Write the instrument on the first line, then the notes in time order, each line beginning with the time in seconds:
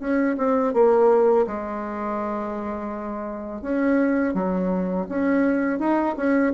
bassoon
0.00 C#4
0.38 C4
0.74 A#3
1.47 G#3
3.62 C#4
4.34 F#3
5.09 C#4
5.80 D#4
6.17 C#4